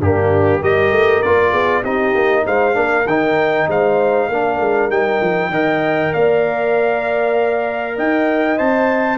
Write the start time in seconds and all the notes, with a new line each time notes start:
0.00 G2 A#3 D4 G4
0.60 G3 G4 A#4 D#5
0.91 A3
1.22 A#3 F4 D5
1.51 B3 G#4
1.82 C4 D#4 G4 D#5
2.15 A#3
2.45 G#3 C5 F5
2.73 A#3 D4 A#4
3.06 D#3 D#4 G5
3.68 G#3 C5 F5
4.28 A#3 D4 A#4
4.60 G#3
4.90 G3 D#4 G5
5.21 F3
5.49 D#3 A#4 D#5
6.13 A#3 D5 F5
7.96 D#4 D#5 G5
8.58 C4 C5 A5